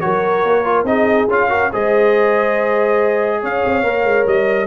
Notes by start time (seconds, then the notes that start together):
0.00 F#3 F#4 A#4 C#5
0.44 A#3
0.64 F4
0.83 C4 D#4 G#4 D#5
1.28 C#4 F4 F5
1.49 F#4 A#4
1.72 G#3 G#4 C5 D#5
3.40 C#4 C#5 F5
3.66 C4
3.83 A#3 A#4
4.04 G#3
4.26 G3 D#5